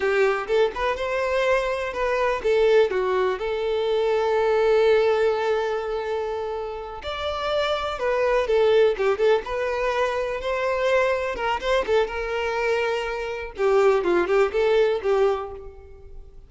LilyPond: \new Staff \with { instrumentName = "violin" } { \time 4/4 \tempo 4 = 124 g'4 a'8 b'8 c''2 | b'4 a'4 fis'4 a'4~ | a'1~ | a'2~ a'8 d''4.~ |
d''8 b'4 a'4 g'8 a'8 b'8~ | b'4. c''2 ais'8 | c''8 a'8 ais'2. | g'4 f'8 g'8 a'4 g'4 | }